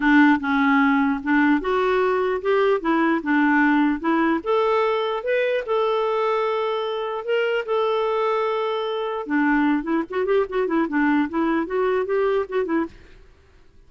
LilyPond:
\new Staff \with { instrumentName = "clarinet" } { \time 4/4 \tempo 4 = 149 d'4 cis'2 d'4 | fis'2 g'4 e'4 | d'2 e'4 a'4~ | a'4 b'4 a'2~ |
a'2 ais'4 a'4~ | a'2. d'4~ | d'8 e'8 fis'8 g'8 fis'8 e'8 d'4 | e'4 fis'4 g'4 fis'8 e'8 | }